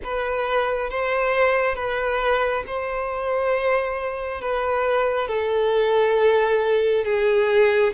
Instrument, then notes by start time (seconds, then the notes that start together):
violin
0.03 B4
0.89 C5
1.75 B4
2.66 C5
4.41 B4
5.28 A4
7.05 G#4